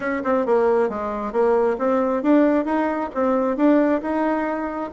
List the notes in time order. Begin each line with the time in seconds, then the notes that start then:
0.00 C#4
0.24 C4
0.46 A#3
0.89 G#3
1.32 A#3
1.78 C4
2.22 D4
2.65 D#4
3.14 C4
3.56 D4
4.01 D#4